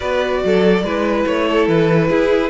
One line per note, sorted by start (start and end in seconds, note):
0.00 0.44 B3
0.00 0.84 F#4
0.00 0.41 B4
0.00 1.23 D5
0.44 0.83 F#3
0.44 0.84 A4
0.83 1.25 G#3
0.83 2.50 E4
0.83 1.47 B4
1.26 1.68 A3
1.26 1.68 C#5
1.47 2.08 A4
1.68 2.10 E3
1.68 2.50 B4
2.08 2.50 E4
2.08 2.50 G#4